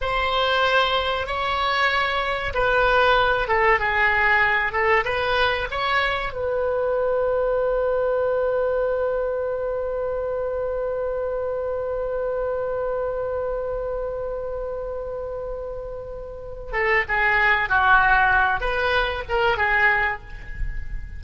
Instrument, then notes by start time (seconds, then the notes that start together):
oboe
0.01 C5
1.26 C#5
2.53 B4
3.47 A4
3.79 G#4
4.72 A4
5.04 B4
5.70 C#5
6.32 B4
16.72 A4
17.08 G#4
17.69 F#4
18.60 B4
19.29 A#4
19.57 G#4